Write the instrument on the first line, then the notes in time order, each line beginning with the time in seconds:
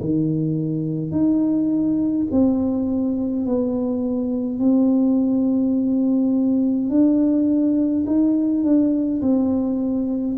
tuba
0.00 D#3
1.11 D#4
2.31 C4
3.45 B3
4.58 C4
6.89 D4
8.06 D#4
8.63 D4
9.21 C4